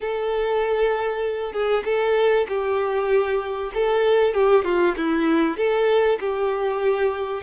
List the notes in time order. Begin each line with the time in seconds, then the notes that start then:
0.00 A4
1.52 G#4
1.84 A4
2.48 G4
3.73 A4
4.34 G4
4.64 F4
4.97 E4
5.57 A4
6.19 G4